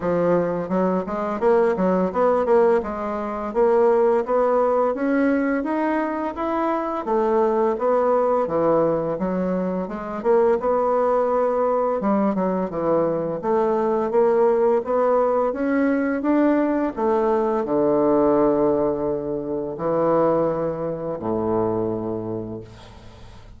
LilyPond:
\new Staff \with { instrumentName = "bassoon" } { \time 4/4 \tempo 4 = 85 f4 fis8 gis8 ais8 fis8 b8 ais8 | gis4 ais4 b4 cis'4 | dis'4 e'4 a4 b4 | e4 fis4 gis8 ais8 b4~ |
b4 g8 fis8 e4 a4 | ais4 b4 cis'4 d'4 | a4 d2. | e2 a,2 | }